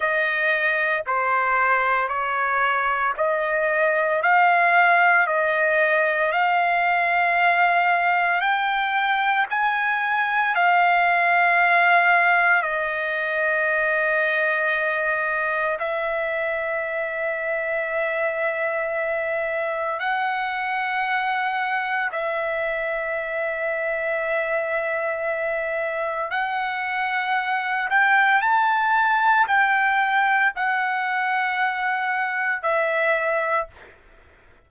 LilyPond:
\new Staff \with { instrumentName = "trumpet" } { \time 4/4 \tempo 4 = 57 dis''4 c''4 cis''4 dis''4 | f''4 dis''4 f''2 | g''4 gis''4 f''2 | dis''2. e''4~ |
e''2. fis''4~ | fis''4 e''2.~ | e''4 fis''4. g''8 a''4 | g''4 fis''2 e''4 | }